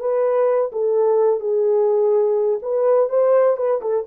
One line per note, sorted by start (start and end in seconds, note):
0.00 0.71 B4
0.73 1.40 A4
1.40 2.60 G#4
2.62 3.10 B4
3.10 3.57 C5
3.57 3.81 B4
3.81 4.05 A4